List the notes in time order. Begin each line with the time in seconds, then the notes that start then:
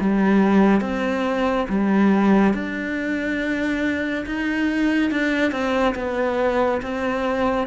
0.00 G3
0.81 C4
1.69 G3
2.54 D4
4.26 D#4
5.11 D4
5.52 C4
5.96 B3
6.82 C4